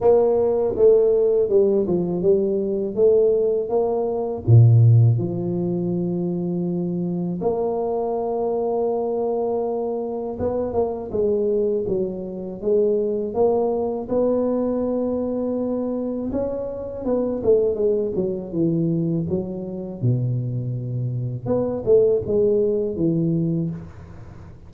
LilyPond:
\new Staff \with { instrumentName = "tuba" } { \time 4/4 \tempo 4 = 81 ais4 a4 g8 f8 g4 | a4 ais4 ais,4 f4~ | f2 ais2~ | ais2 b8 ais8 gis4 |
fis4 gis4 ais4 b4~ | b2 cis'4 b8 a8 | gis8 fis8 e4 fis4 b,4~ | b,4 b8 a8 gis4 e4 | }